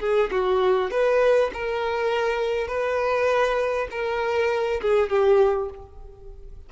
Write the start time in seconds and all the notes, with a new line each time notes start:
0.00 G#4
0.31 F#4
0.91 B4
1.54 A#4
2.68 B4
3.91 A#4
4.81 G#4
5.09 G4